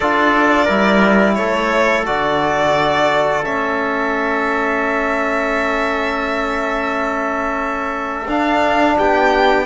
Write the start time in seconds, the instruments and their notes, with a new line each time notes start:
0.00 cello D4, trombone F4, trumpet A4, violin D5
0.64 cello G3, trombone E4, trumpet A#4
1.34 cello A3, trumpet A4, violin C#5
2.05 cello D3, trombone F#4, violin D5
3.43 cello A3, trombone C#4, violin E5
8.27 cello D4, trombone D4, violin F5
8.98 cello B3, trumpet G4, violin G5